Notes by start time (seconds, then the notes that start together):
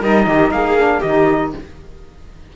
0.00 G3 D#4 A#4 D#5
0.26 D#3 G4
0.51 A#3 G#4 F5
0.76 D4
0.98 D#3 G4 D#5
1.04 D#4